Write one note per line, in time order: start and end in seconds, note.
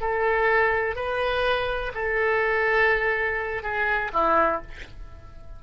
0.00 0.95 A4
0.95 1.92 B4
1.94 3.62 A4
3.62 4.11 G#4
4.13 4.61 E4